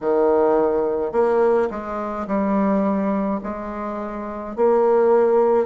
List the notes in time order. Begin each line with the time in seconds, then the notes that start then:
0.01 D#3
1.12 A#3
1.70 G#3
2.27 G3
3.43 G#3
4.55 A#3